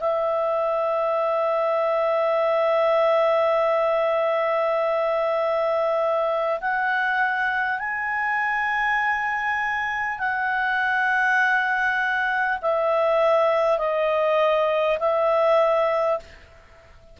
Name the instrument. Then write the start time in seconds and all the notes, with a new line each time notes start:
clarinet
0.00 E5
6.61 F#5
7.79 G#5
10.18 F#5
12.62 E5
13.78 D#5
14.99 E5